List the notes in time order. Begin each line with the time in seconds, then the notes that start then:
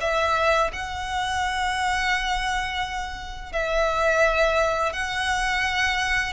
0.00 E5
0.73 F#5
3.52 E5
4.93 F#5